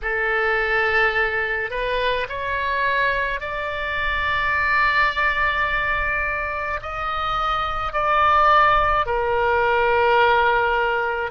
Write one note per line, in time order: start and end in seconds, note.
0.02 1.70 A4
1.70 2.26 B4
2.28 3.40 C#5
3.40 6.80 D5
6.82 7.92 D#5
7.92 9.06 D5
9.06 11.31 A#4